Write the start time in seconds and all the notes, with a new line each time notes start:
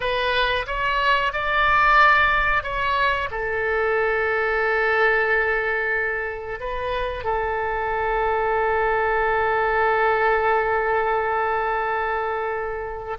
0.00 B4
0.66 C#5
1.32 D5
2.63 C#5
3.30 A4
6.60 B4
7.24 A4